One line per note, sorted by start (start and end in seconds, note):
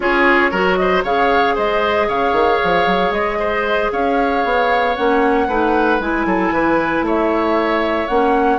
0.00 0.52 C#4
0.00 0.51 F4
0.00 0.50 G#4
0.00 0.76 C#5
0.50 1.04 F#3
0.50 1.04 F#4
0.50 0.77 A#4
0.76 1.03 C5
0.76 1.02 D#5
1.03 1.56 C#3
1.03 4.95 G#4
1.03 1.55 C#5
1.03 1.56 F5
1.55 2.08 G#3
1.55 2.07 C5
1.55 2.08 D#5
2.08 2.32 C#3
2.08 3.38 C#5
2.08 3.12 F5
2.32 2.58 D#3
2.63 2.86 F3
2.86 3.10 F#3
3.10 3.88 G#3
3.10 3.90 D#5
3.39 3.91 C5
3.92 4.44 C#4
3.92 5.47 C#5
3.92 4.95 F5
4.44 4.96 B3
4.95 5.47 A#3
4.95 5.48 C#4
4.95 6.00 F#5
5.47 5.99 A3
5.47 6.00 D#4
5.47 6.26 B4
5.99 6.25 G#3
5.99 8.09 E4
5.99 7.05 G#5
6.25 6.51 F#3
6.25 6.53 A4
6.51 7.01 E3
6.51 7.05 B4
7.01 8.06 A3
7.01 8.58 C#5
7.01 8.07 E5
8.07 8.58 A#3
8.07 8.58 C#4
8.07 8.58 F#5